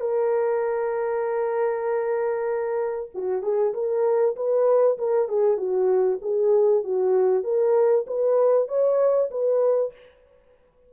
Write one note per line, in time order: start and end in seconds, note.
0.00 3.09 A#4
3.14 3.42 F#4
3.42 3.73 G#4
3.73 4.35 A#4
4.36 4.97 B4
4.98 5.28 A#4
5.28 5.57 G#4
5.57 6.19 F#4
6.21 6.83 G#4
6.83 7.43 F#4
7.43 8.05 A#4
8.06 8.68 B4
8.68 9.30 C#5
9.30 9.92 B4